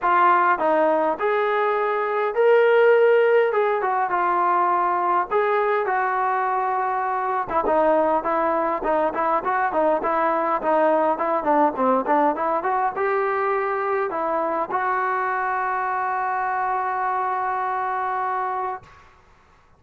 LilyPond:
\new Staff \with { instrumentName = "trombone" } { \time 4/4 \tempo 4 = 102 f'4 dis'4 gis'2 | ais'2 gis'8 fis'8 f'4~ | f'4 gis'4 fis'2~ | fis'8. e'16 dis'4 e'4 dis'8 e'8 |
fis'8 dis'8 e'4 dis'4 e'8 d'8 | c'8 d'8 e'8 fis'8 g'2 | e'4 fis'2.~ | fis'1 | }